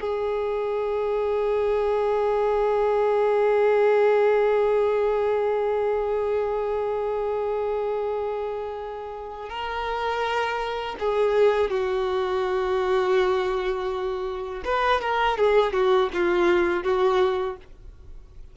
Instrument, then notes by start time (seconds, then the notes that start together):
violin
0.00 G#4
9.49 A#4
10.99 G#4
11.70 F#4
14.64 B4
15.00 A#4
15.37 G#4
15.73 F#4
16.13 F4
16.83 F#4